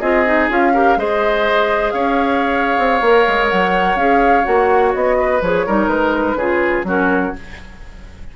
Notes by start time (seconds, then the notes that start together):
0.00 C4 F4 G#4 D#5
0.26 D#4
0.50 C#4 F4 F5
0.74 G4 A#4
0.97 G#3 G#4 C5 D#5
1.91 C#4 C#5 F5
2.78 C4
3.01 A#3 A#4
3.27 G#3
3.49 F#3 F#5
3.96 C#4 G#4 F5
4.44 A#3 F#4 F#5
4.94 B3 D#5
5.19 B4
5.42 F3 G#4 C#5
5.66 G3 D#4 A#4
5.88 G#3 B4
6.35 C#3 F4 G#4
6.84 F#3 C#4 F#4 A#4